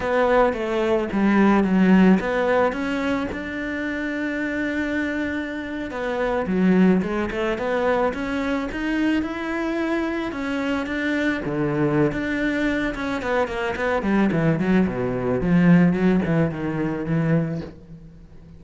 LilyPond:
\new Staff \with { instrumentName = "cello" } { \time 4/4 \tempo 4 = 109 b4 a4 g4 fis4 | b4 cis'4 d'2~ | d'2~ d'8. b4 fis16~ | fis8. gis8 a8 b4 cis'4 dis'16~ |
dis'8. e'2 cis'4 d'16~ | d'8. d4~ d16 d'4. cis'8 | b8 ais8 b8 g8 e8 fis8 b,4 | f4 fis8 e8 dis4 e4 | }